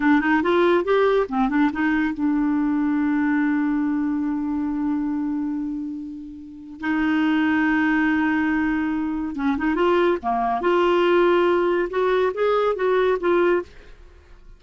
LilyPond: \new Staff \with { instrumentName = "clarinet" } { \time 4/4 \tempo 4 = 141 d'8 dis'8 f'4 g'4 c'8 d'8 | dis'4 d'2.~ | d'1~ | d'1 |
dis'1~ | dis'2 cis'8 dis'8 f'4 | ais4 f'2. | fis'4 gis'4 fis'4 f'4 | }